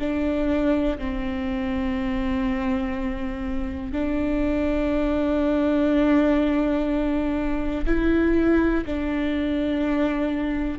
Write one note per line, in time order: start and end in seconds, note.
0.00 0.98 D4
0.98 3.93 C4
3.93 7.86 D4
7.87 8.85 E4
8.87 10.79 D4